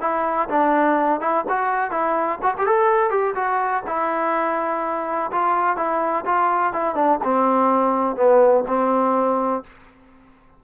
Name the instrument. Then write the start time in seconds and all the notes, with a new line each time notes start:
trombone
0.00 E4
0.49 D4
1.20 E4
1.49 F#4
1.91 E4
2.42 F#4
2.58 G4
2.66 A4
3.10 G4
3.35 F#4
3.86 E4
5.31 F4
5.76 E4
6.25 F4
6.73 E4
6.95 D4
7.24 C4
8.16 B3
8.67 C4